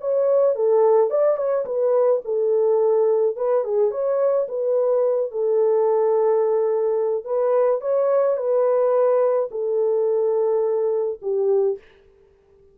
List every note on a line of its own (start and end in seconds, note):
0.00 0.55 C#5
0.55 1.10 A4
1.10 1.37 D5
1.37 1.65 C#5
1.65 2.21 B4
2.24 3.36 A4
3.36 3.64 B4
3.64 3.91 G#4
3.91 4.47 C#5
4.48 5.31 B4
5.31 7.24 A4
7.24 7.80 B4
7.81 8.37 C#5
8.37 9.49 B4
9.51 11.19 A4
11.22 11.78 G4